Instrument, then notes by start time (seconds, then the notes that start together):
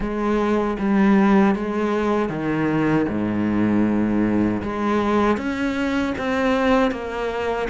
cello
0.00 G#3
0.78 G3
1.55 G#3
2.29 D#3
3.08 G#2
4.62 G#3
5.37 C#4
6.17 C4
6.91 A#3